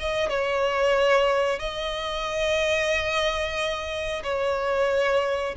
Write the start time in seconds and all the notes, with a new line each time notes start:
0.00 D#5
0.30 C#5
1.60 D#5
4.24 C#5